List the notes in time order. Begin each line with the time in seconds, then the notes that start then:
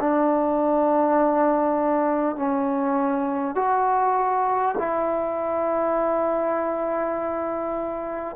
0.00 D4
2.36 C#4
3.55 F#4
4.78 E4